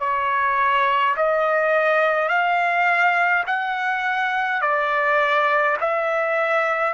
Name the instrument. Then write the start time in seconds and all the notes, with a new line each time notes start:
trumpet
0.00 C#5
1.16 D#5
2.28 F5
3.47 F#5
4.62 D5
5.81 E5